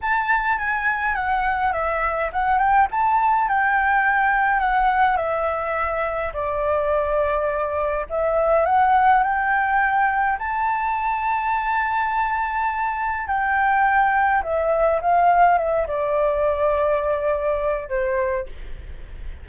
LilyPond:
\new Staff \with { instrumentName = "flute" } { \time 4/4 \tempo 4 = 104 a''4 gis''4 fis''4 e''4 | fis''8 g''8 a''4 g''2 | fis''4 e''2 d''4~ | d''2 e''4 fis''4 |
g''2 a''2~ | a''2. g''4~ | g''4 e''4 f''4 e''8 d''8~ | d''2. c''4 | }